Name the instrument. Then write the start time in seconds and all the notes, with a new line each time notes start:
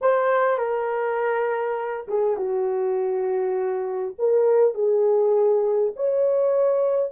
horn
0.01 C5
0.58 A#4
2.08 G#4
2.36 F#4
4.18 A#4
4.74 G#4
5.96 C#5